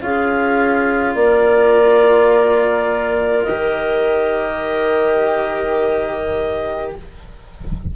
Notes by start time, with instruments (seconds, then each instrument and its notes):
0.00 bassoon C#4, cello F4, clarinet G#4 F5
1.14 bassoon A#3, clarinet A#4 D5
3.44 bassoon D#3, cello G4, clarinet D#5